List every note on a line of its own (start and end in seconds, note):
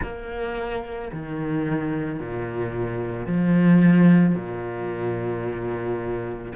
0.02 1.11 A#3
1.12 2.19 D#3
2.19 3.26 A#2
3.26 4.34 F3
4.34 6.53 A#2